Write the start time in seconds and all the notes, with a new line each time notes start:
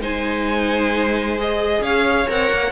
0.00 G#3 D#4 C5 G#5
1.38 G#4 D#5
1.81 C#4 C#5 F5
2.28 C4 A#4 F#5
2.53 A#3